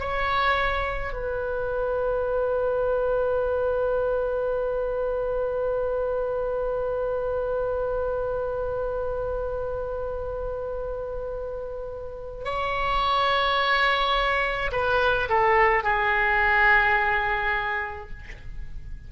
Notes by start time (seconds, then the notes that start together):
0.00 C#5
1.13 B4
12.45 C#5
14.72 B4
15.29 A4
15.84 G#4